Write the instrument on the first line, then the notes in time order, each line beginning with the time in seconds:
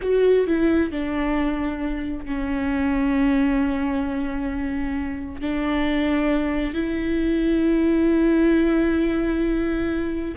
viola
0.01 F#4
0.46 E4
0.91 D4
2.25 C#4
5.41 D4
6.74 E4